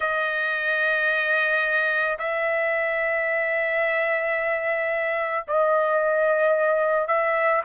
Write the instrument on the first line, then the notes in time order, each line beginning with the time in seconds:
trumpet
0.00 D#5
2.18 E5
5.47 D#5
7.07 E5